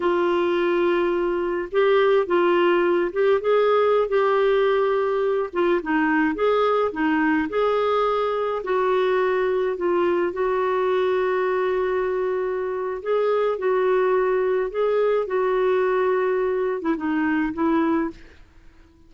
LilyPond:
\new Staff \with { instrumentName = "clarinet" } { \time 4/4 \tempo 4 = 106 f'2. g'4 | f'4. g'8 gis'4~ gis'16 g'8.~ | g'4.~ g'16 f'8 dis'4 gis'8.~ | gis'16 dis'4 gis'2 fis'8.~ |
fis'4~ fis'16 f'4 fis'4.~ fis'16~ | fis'2. gis'4 | fis'2 gis'4 fis'4~ | fis'4.~ fis'16 e'16 dis'4 e'4 | }